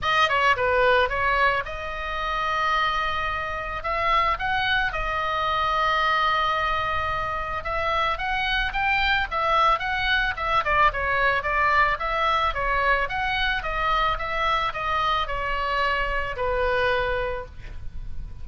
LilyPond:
\new Staff \with { instrumentName = "oboe" } { \time 4/4 \tempo 4 = 110 dis''8 cis''8 b'4 cis''4 dis''4~ | dis''2. e''4 | fis''4 dis''2.~ | dis''2 e''4 fis''4 |
g''4 e''4 fis''4 e''8 d''8 | cis''4 d''4 e''4 cis''4 | fis''4 dis''4 e''4 dis''4 | cis''2 b'2 | }